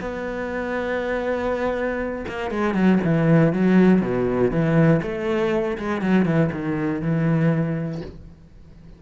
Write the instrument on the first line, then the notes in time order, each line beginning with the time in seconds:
cello
0.00 B3
2.28 A#3
2.50 G#3
2.74 F#3
3.04 E3
3.53 F#3
4.01 B2
4.51 E3
5.02 A3
5.78 G#3
6.01 F#3
6.25 E3
6.52 D#3
7.01 E3